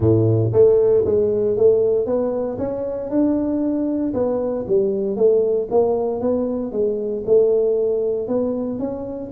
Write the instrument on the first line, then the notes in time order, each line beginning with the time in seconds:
tuba
0.00 A2
0.52 A3
1.05 G#3
1.56 A3
2.05 B3
2.58 C#4
3.09 D4
4.13 B3
4.67 G3
5.16 A3
5.70 A#3
6.20 B3
6.71 G#3
7.26 A3
8.27 B3
8.79 C#4